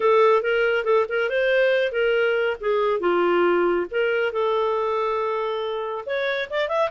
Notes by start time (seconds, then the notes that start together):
0.00 A4
0.42 A#4
0.84 A4
1.09 A#4
1.29 C5
1.92 A#4
2.60 G#4
3.00 F4
3.91 A#4
4.32 A4
6.05 C#5
6.50 D5
6.68 E5